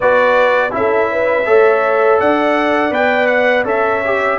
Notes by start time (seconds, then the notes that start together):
0.00 B3 F#4 B4 D5
0.70 C#4 E4 A4 E5
1.11 B4
1.45 A3 A4 C#5
2.19 D4 D5 F#5
2.91 B3 B4 G5
3.26 F#5
3.64 C#4 A4 C#5 E5
4.04 G4